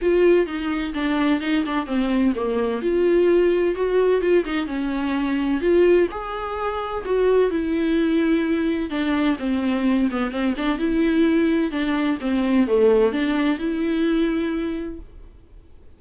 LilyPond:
\new Staff \with { instrumentName = "viola" } { \time 4/4 \tempo 4 = 128 f'4 dis'4 d'4 dis'8 d'8 | c'4 ais4 f'2 | fis'4 f'8 dis'8 cis'2 | f'4 gis'2 fis'4 |
e'2. d'4 | c'4. b8 c'8 d'8 e'4~ | e'4 d'4 c'4 a4 | d'4 e'2. | }